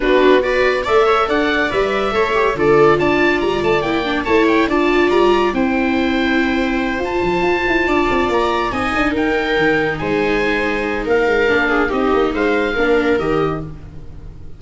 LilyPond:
<<
  \new Staff \with { instrumentName = "oboe" } { \time 4/4 \tempo 4 = 141 b'4 d''4 e''4 fis''4 | e''2 d''4 a''4 | ais''8 a''8 g''4 a''8 g''8 a''4 | ais''4 g''2.~ |
g''8 a''2. ais''8~ | ais''8 gis''4 g''2 gis''8~ | gis''2 f''2 | dis''4 f''2 dis''4 | }
  \new Staff \with { instrumentName = "viola" } { \time 4/4 fis'4 b'4 d''8 cis''8 d''4~ | d''4 cis''4 a'4 d''4~ | d''2 cis''4 d''4~ | d''4 c''2.~ |
c''2~ c''8 d''4.~ | d''8 dis''4 ais'2 c''8~ | c''2 ais'4. gis'8 | g'4 c''4 ais'2 | }
  \new Staff \with { instrumentName = "viola" } { \time 4/4 d'4 fis'4 a'2 | b'4 a'8 g'8 f'2~ | f'4 e'8 d'8 e'4 f'4~ | f'4 e'2.~ |
e'8 f'2.~ f'8~ | f'8 dis'2.~ dis'8~ | dis'2. d'4 | dis'2 d'4 g'4 | }
  \new Staff \with { instrumentName = "tuba" } { \time 4/4 b2 a4 d'4 | g4 a4 d4 d'4 | g8 a8 ais4 a4 d'4 | g4 c'2.~ |
c'8 f'8 f8 f'8 e'8 d'8 c'8 ais8~ | ais8 c'8 d'8 dis'4 dis4 gis8~ | gis2 ais8 gis8 ais4 | c'8 ais8 gis4 ais4 dis4 | }
>>